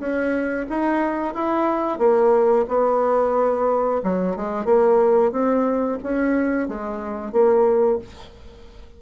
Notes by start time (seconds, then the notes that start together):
0.00 C#4
0.70 D#4
1.35 E4
1.99 A#3
2.68 B3
4.04 F#3
4.37 G#3
4.66 A#3
5.32 C4
6.03 C#4
6.69 G#3
7.33 A#3